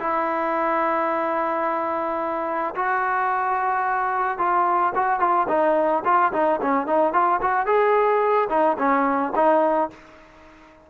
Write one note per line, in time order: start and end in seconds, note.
0.00 2.75 E4
2.76 4.39 F#4
4.39 4.94 F4
4.95 5.20 F#4
5.20 5.47 F4
5.49 6.04 D#4
6.05 6.33 F4
6.33 6.61 D#4
6.62 6.87 C#4
6.87 7.13 D#4
7.13 7.41 F4
7.42 7.67 F#4
7.67 8.49 G#4
8.50 8.77 D#4
8.78 9.34 C#4
9.36 9.91 D#4